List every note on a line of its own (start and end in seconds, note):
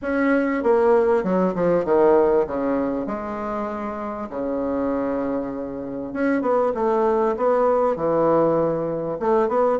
0.01 0.63 C#4
0.63 1.23 A#3
1.23 1.54 F#3
1.54 1.85 F3
1.85 2.46 D#3
2.46 3.06 C#3
3.06 4.28 G#3
4.29 6.13 C#3
6.13 6.41 C#4
6.41 6.72 B3
6.74 7.35 A3
7.36 7.96 B3
7.96 9.18 E3
9.19 9.48 A3
9.48 9.78 B3